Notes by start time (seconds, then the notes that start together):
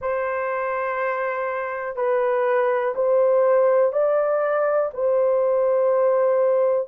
0.00 C5
1.95 B4
2.95 C5
3.92 D5
4.93 C5